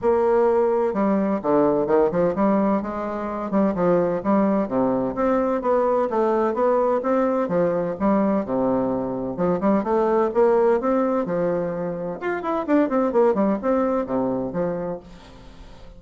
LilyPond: \new Staff \with { instrumentName = "bassoon" } { \time 4/4 \tempo 4 = 128 ais2 g4 d4 | dis8 f8 g4 gis4. g8 | f4 g4 c4 c'4 | b4 a4 b4 c'4 |
f4 g4 c2 | f8 g8 a4 ais4 c'4 | f2 f'8 e'8 d'8 c'8 | ais8 g8 c'4 c4 f4 | }